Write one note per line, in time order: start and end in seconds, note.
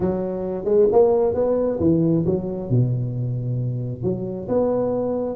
0.00 0.65 F#3
0.65 0.87 G#3
0.92 1.34 A#3
1.34 1.79 B3
1.80 2.24 E3
2.26 2.70 F#3
2.70 4.03 B2
4.03 4.48 F#3
4.48 5.36 B3